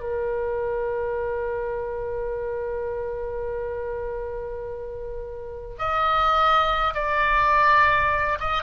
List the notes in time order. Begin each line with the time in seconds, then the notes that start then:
0.00 A#4
5.78 D#5
6.94 D5
8.39 D#5